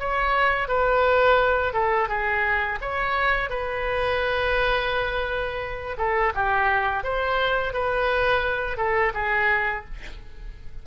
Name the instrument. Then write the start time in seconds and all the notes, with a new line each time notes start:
oboe
0.00 C#5
0.69 B4
1.74 A4
2.09 G#4
2.82 C#5
3.50 B4
5.98 A4
6.35 G4
7.04 C5
7.74 B4
8.78 A4
9.15 G#4